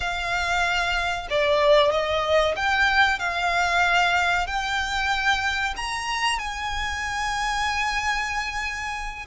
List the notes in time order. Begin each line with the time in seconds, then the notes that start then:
0.00 F5
1.30 D5
1.91 D#5
2.55 G5
3.19 F5
4.46 G5
5.76 A#5
6.38 G#5